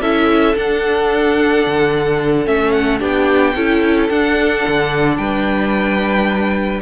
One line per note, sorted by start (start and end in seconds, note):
0.00 0.55 C#4
0.00 0.55 E4
0.00 2.98 A4
0.00 0.55 E5
0.55 2.45 D4
0.55 1.65 D4
0.55 2.46 F#5
1.65 2.46 D3
2.45 3.01 A3
2.45 2.99 C#4
2.45 2.71 E5
2.71 2.98 F#5
2.98 3.55 B3
2.98 3.53 D4
2.98 3.53 G4
2.98 4.09 G5
3.55 4.09 C#4
3.55 4.10 E4
3.55 5.18 A4
4.09 4.65 D4
4.09 6.81 D4
4.09 5.17 F#5
4.67 5.17 D3
5.17 6.81 G3
5.17 6.81 B4
5.17 6.80 G5